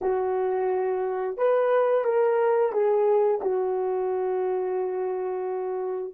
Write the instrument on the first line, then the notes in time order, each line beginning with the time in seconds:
horn
0.01 F#4
1.37 B4
2.04 A#4
2.72 G#4
3.41 F#4